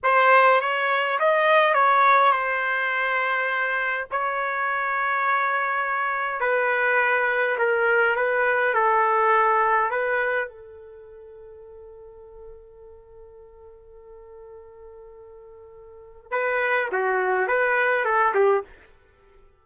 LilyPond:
\new Staff \with { instrumentName = "trumpet" } { \time 4/4 \tempo 4 = 103 c''4 cis''4 dis''4 cis''4 | c''2. cis''4~ | cis''2. b'4~ | b'4 ais'4 b'4 a'4~ |
a'4 b'4 a'2~ | a'1~ | a'1 | b'4 fis'4 b'4 a'8 g'8 | }